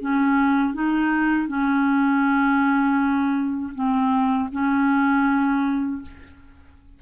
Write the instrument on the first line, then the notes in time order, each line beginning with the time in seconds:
clarinet
0.00 C#4
0.74 D#4
1.47 C#4
3.74 C4
4.51 C#4